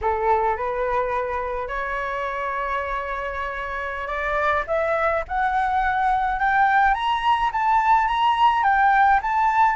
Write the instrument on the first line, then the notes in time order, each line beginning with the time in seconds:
flute
0.01 A4
0.56 B4
1.67 C#5
4.07 D5
4.67 E5
5.27 F#5
6.39 G5
6.93 A#5
7.52 A5
8.07 A#5
8.63 G5
9.21 A5